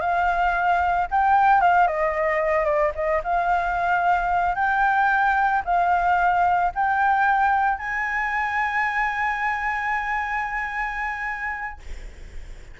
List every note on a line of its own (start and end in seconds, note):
0.00 1.07 F5
1.10 1.60 G5
1.60 1.87 F5
1.87 2.65 D#5
2.65 2.91 D5
2.94 3.21 D#5
3.23 4.55 F5
4.55 5.62 G5
5.64 6.72 F5
6.74 7.78 G5
7.78 11.80 G#5